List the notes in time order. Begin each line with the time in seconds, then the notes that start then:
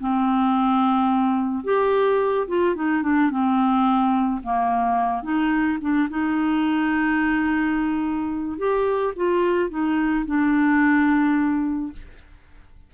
0.00 C4
1.64 G4
2.47 F4
2.76 D#4
3.03 D4
3.31 C4
4.43 A#3
5.23 D#4
5.81 D4
6.10 D#4
8.58 G4
9.16 F4
9.69 D#4
10.26 D4